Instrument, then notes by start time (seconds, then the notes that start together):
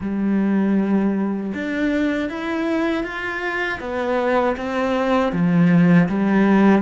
cello
0.00 G3
1.54 D4
2.29 E4
3.03 F4
3.80 B3
4.56 C4
5.32 F3
6.09 G3